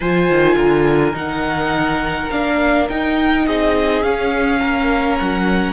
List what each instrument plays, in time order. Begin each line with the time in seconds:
0.00 cello F3, viola F4, violin C5 G#5
0.30 cello D#3
0.55 cello D3, violin A#4
1.13 cello D#3, viola D#4, violin F#5
2.30 cello A#3, viola D4, violin F5
2.89 cello D#4, viola D#4, violin G5
3.46 cello C4, violin G#4 D#5
4.02 cello C#4, viola C#4, violin F5
4.59 cello A#3, violin A#4
5.19 cello F#3, violin F#5